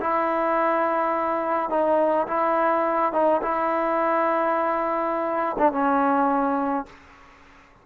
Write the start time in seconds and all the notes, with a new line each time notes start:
0.00 E4
1.69 D#4
2.27 E4
3.12 D#4
3.42 E4
5.58 D4
5.72 C#4